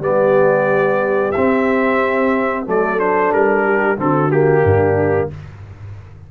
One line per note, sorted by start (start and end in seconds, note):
0.00 1.32 G3
0.00 1.34 B3
0.00 2.68 G4
0.00 1.32 D5
1.32 2.66 C4
1.32 2.67 C4
1.32 2.64 E5
2.66 3.33 F#3
2.66 2.98 A3
2.66 3.65 A4
2.66 3.00 D5
2.98 3.97 D4
2.98 3.33 C5
3.33 3.98 G3
3.33 3.99 A#4
3.65 3.98 G4
3.97 4.64 D3
3.97 4.30 C4
3.97 4.63 F#4
3.97 4.31 A4
4.31 5.31 A#3
4.31 5.30 G4
4.63 5.30 G2
4.63 5.29 D4